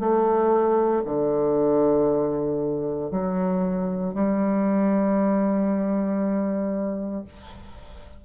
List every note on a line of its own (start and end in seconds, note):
0.00 1.03 A3
1.05 3.11 D3
3.11 4.14 F#3
4.14 7.25 G3